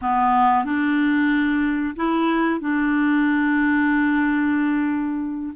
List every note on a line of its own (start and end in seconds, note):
0.01 0.64 B3
0.64 1.95 D4
1.96 2.60 E4
2.60 5.53 D4